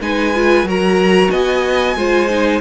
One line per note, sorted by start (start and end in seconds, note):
0.00 0.63 G#3
0.00 0.34 D#4
0.00 0.67 B4
0.00 0.67 G#5
0.34 0.66 F4
0.63 1.28 F#3
0.63 1.96 F#4
0.63 1.31 A#4
0.70 1.30 A#5
1.30 1.96 B3
1.30 1.96 D#5
1.30 2.60 G#5
1.96 2.60 G#3
1.96 2.29 F4
1.96 2.60 C5
2.29 2.60 D#4